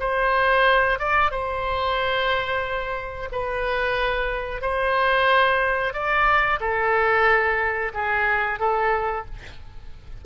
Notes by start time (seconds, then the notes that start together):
0.00 C5
0.99 D5
1.31 C5
3.32 B4
4.62 C5
5.94 D5
6.61 A4
7.94 G#4
8.59 A4